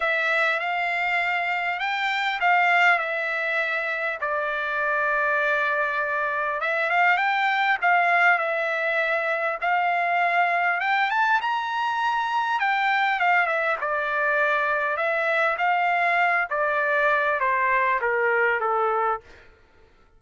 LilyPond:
\new Staff \with { instrumentName = "trumpet" } { \time 4/4 \tempo 4 = 100 e''4 f''2 g''4 | f''4 e''2 d''4~ | d''2. e''8 f''8 | g''4 f''4 e''2 |
f''2 g''8 a''8 ais''4~ | ais''4 g''4 f''8 e''8 d''4~ | d''4 e''4 f''4. d''8~ | d''4 c''4 ais'4 a'4 | }